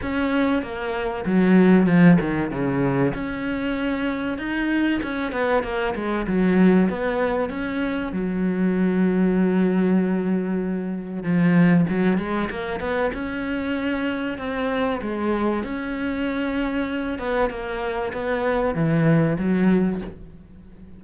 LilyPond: \new Staff \with { instrumentName = "cello" } { \time 4/4 \tempo 4 = 96 cis'4 ais4 fis4 f8 dis8 | cis4 cis'2 dis'4 | cis'8 b8 ais8 gis8 fis4 b4 | cis'4 fis2.~ |
fis2 f4 fis8 gis8 | ais8 b8 cis'2 c'4 | gis4 cis'2~ cis'8 b8 | ais4 b4 e4 fis4 | }